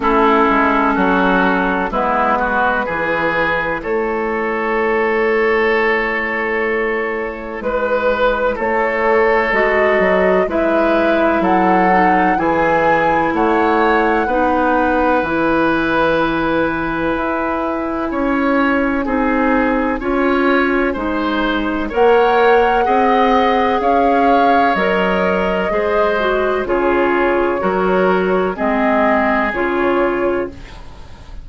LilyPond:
<<
  \new Staff \with { instrumentName = "flute" } { \time 4/4 \tempo 4 = 63 a'2 b'2 | cis''1 | b'4 cis''4 dis''4 e''4 | fis''4 gis''4 fis''2 |
gis''1~ | gis''2. fis''4~ | fis''4 f''4 dis''2 | cis''2 dis''4 cis''4 | }
  \new Staff \with { instrumentName = "oboe" } { \time 4/4 e'4 fis'4 e'8 fis'8 gis'4 | a'1 | b'4 a'2 b'4 | a'4 gis'4 cis''4 b'4~ |
b'2. cis''4 | gis'4 cis''4 c''4 cis''4 | dis''4 cis''2 c''4 | gis'4 ais'4 gis'2 | }
  \new Staff \with { instrumentName = "clarinet" } { \time 4/4 cis'2 b4 e'4~ | e'1~ | e'2 fis'4 e'4~ | e'8 dis'8 e'2 dis'4 |
e'1 | dis'4 f'4 dis'4 ais'4 | gis'2 ais'4 gis'8 fis'8 | f'4 fis'4 c'4 f'4 | }
  \new Staff \with { instrumentName = "bassoon" } { \time 4/4 a8 gis8 fis4 gis4 e4 | a1 | gis4 a4 gis8 fis8 gis4 | fis4 e4 a4 b4 |
e2 e'4 cis'4 | c'4 cis'4 gis4 ais4 | c'4 cis'4 fis4 gis4 | cis4 fis4 gis4 cis4 | }
>>